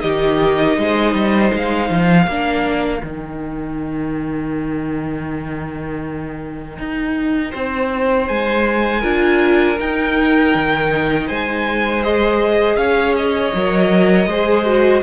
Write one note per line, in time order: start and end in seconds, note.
0.00 0.77 D#3
0.00 2.26 D#4
0.00 0.78 G4
0.00 1.50 D#5
0.77 1.14 G#3
0.77 2.29 C5
1.14 1.51 G3
1.53 1.90 G#3
1.53 3.06 F5
1.90 2.27 F3
2.27 3.02 A#3
2.27 3.01 D4
2.27 7.51 A#4
3.01 6.78 D#3
3.01 9.01 D#4
3.01 8.28 G5
6.78 7.53 D#4
7.51 8.29 C4
7.51 9.01 C5
8.28 9.03 G#3
8.28 9.78 G#5
9.01 9.78 D4
9.01 9.77 F4
9.01 11.26 A#4
9.79 12.02 D#4
9.79 10.54 D#4
9.79 11.28 G5
10.54 11.29 D#3
11.27 12.77 G#3
11.27 12.77 C5
11.27 12.03 G#5
12.02 13.52 G#4
12.02 12.76 D#5
12.76 13.52 C#4
12.76 14.28 C#5
12.76 13.14 F5
13.17 15.03 D#5
13.54 14.26 F#3
13.54 14.30 A#4
14.26 15.01 G#3
14.26 14.65 G#4
14.26 15.03 C5
14.65 15.03 F#4